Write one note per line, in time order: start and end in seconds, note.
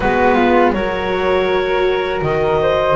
0.00 0.72 G#3
0.00 0.76 B3
0.00 0.35 F#4
0.00 0.71 B4
0.35 0.72 F4
0.72 2.20 F#3
0.72 2.95 F#4
0.72 2.60 A#4
0.72 2.21 C#5
2.21 2.95 D#3
2.21 2.95 D#5
2.62 2.95 C5